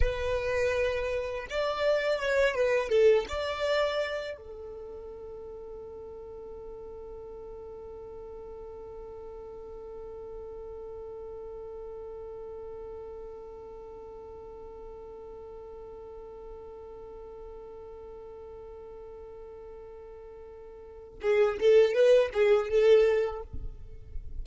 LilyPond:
\new Staff \with { instrumentName = "violin" } { \time 4/4 \tempo 4 = 82 b'2 d''4 cis''8 b'8 | a'8 d''4. a'2~ | a'1~ | a'1~ |
a'1~ | a'1~ | a'1~ | a'4 gis'8 a'8 b'8 gis'8 a'4 | }